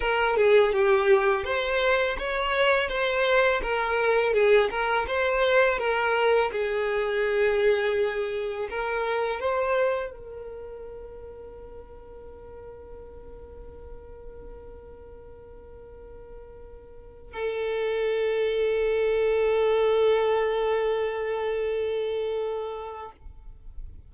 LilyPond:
\new Staff \with { instrumentName = "violin" } { \time 4/4 \tempo 4 = 83 ais'8 gis'8 g'4 c''4 cis''4 | c''4 ais'4 gis'8 ais'8 c''4 | ais'4 gis'2. | ais'4 c''4 ais'2~ |
ais'1~ | ais'1 | a'1~ | a'1 | }